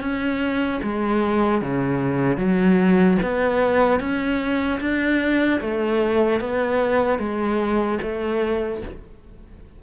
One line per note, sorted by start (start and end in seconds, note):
0.00 0.80 C#4
0.83 1.61 G#3
1.61 2.37 C#3
2.37 3.17 F#3
3.22 4.00 B3
4.00 4.80 C#4
4.80 5.60 D4
5.60 6.40 A3
6.40 7.18 B3
7.18 7.98 G#3
8.01 8.81 A3